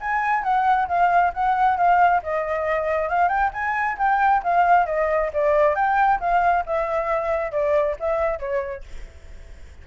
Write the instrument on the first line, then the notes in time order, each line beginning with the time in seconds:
flute
0.00 G#5
0.43 F#5
0.88 F5
1.33 F#5
1.77 F5
2.23 D#5
3.09 F5
3.28 G5
3.53 G#5
3.98 G5
4.43 F5
4.86 D#5
5.33 D5
5.75 G5
6.20 F5
6.66 E5
7.51 D5
7.99 E5
8.39 C#5